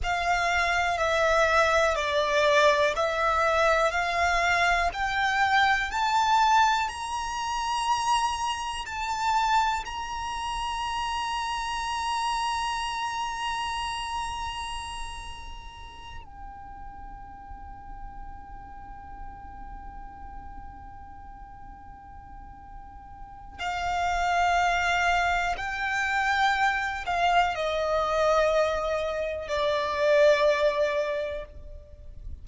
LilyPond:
\new Staff \with { instrumentName = "violin" } { \time 4/4 \tempo 4 = 61 f''4 e''4 d''4 e''4 | f''4 g''4 a''4 ais''4~ | ais''4 a''4 ais''2~ | ais''1~ |
ais''8 g''2.~ g''8~ | g''1 | f''2 g''4. f''8 | dis''2 d''2 | }